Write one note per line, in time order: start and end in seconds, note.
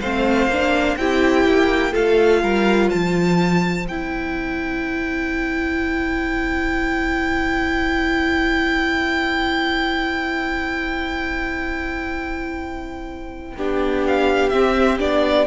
0.00 0.47 A3
0.00 0.51 C4
0.00 0.97 C5
0.00 0.96 F5
0.47 0.95 A#3
0.47 0.99 D4
0.96 1.45 C4
0.96 1.92 E4
0.96 1.92 G4
0.96 1.93 G5
1.45 1.93 A#3
1.92 2.42 A3
1.92 3.85 F4
1.92 2.40 A4
1.92 2.89 F5
2.42 2.91 G3
2.42 2.90 A#4
2.89 3.87 F3
2.89 13.55 C5
2.89 3.86 A5
3.87 13.55 C4
3.87 13.57 E4
3.87 14.04 G5
13.56 14.53 B3
13.56 14.51 D4
13.56 15.46 G4
14.07 14.49 F5
14.49 14.98 C4
14.49 15.00 C4
14.49 14.97 E5
14.98 15.46 B3
14.98 15.46 D4
14.98 15.46 D5